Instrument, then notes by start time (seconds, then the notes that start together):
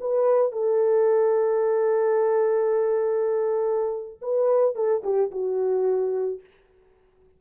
horn
0.00 B4
0.52 A4
4.21 B4
4.75 A4
5.03 G4
5.31 F#4